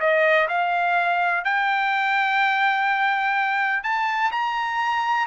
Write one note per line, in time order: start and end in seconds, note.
0.00 0.48 D#5
0.48 1.44 F5
1.44 3.83 G5
3.83 4.31 A5
4.32 5.27 A#5